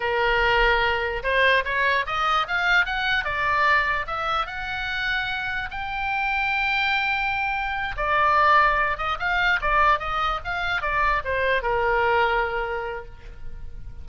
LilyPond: \new Staff \with { instrumentName = "oboe" } { \time 4/4 \tempo 4 = 147 ais'2. c''4 | cis''4 dis''4 f''4 fis''4 | d''2 e''4 fis''4~ | fis''2 g''2~ |
g''2.~ g''8 d''8~ | d''2 dis''8 f''4 d''8~ | d''8 dis''4 f''4 d''4 c''8~ | c''8 ais'2.~ ais'8 | }